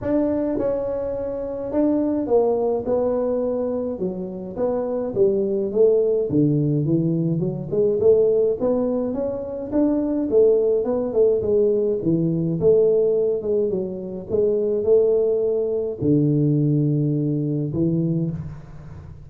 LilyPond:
\new Staff \with { instrumentName = "tuba" } { \time 4/4 \tempo 4 = 105 d'4 cis'2 d'4 | ais4 b2 fis4 | b4 g4 a4 d4 | e4 fis8 gis8 a4 b4 |
cis'4 d'4 a4 b8 a8 | gis4 e4 a4. gis8 | fis4 gis4 a2 | d2. e4 | }